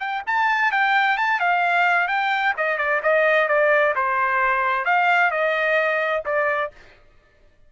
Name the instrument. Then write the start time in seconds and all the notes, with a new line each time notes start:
trumpet
0.00 G5
0.27 A5
0.72 G5
1.18 A5
1.40 F5
2.08 G5
2.57 D#5
2.78 D5
3.03 D#5
3.48 D5
3.96 C5
4.85 F5
5.31 D#5
6.26 D5